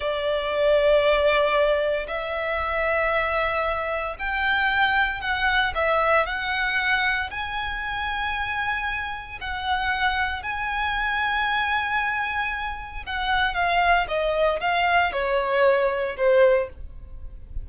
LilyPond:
\new Staff \with { instrumentName = "violin" } { \time 4/4 \tempo 4 = 115 d''1 | e''1 | g''2 fis''4 e''4 | fis''2 gis''2~ |
gis''2 fis''2 | gis''1~ | gis''4 fis''4 f''4 dis''4 | f''4 cis''2 c''4 | }